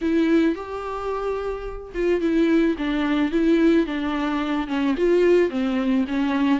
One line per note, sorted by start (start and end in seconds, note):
0.01 0.55 E4
0.55 1.92 G4
1.94 2.20 F4
2.20 2.75 E4
2.77 3.31 D4
3.31 3.86 E4
3.86 4.67 D4
4.67 4.95 C#4
4.97 5.50 F4
5.50 6.05 C4
6.07 6.60 C#4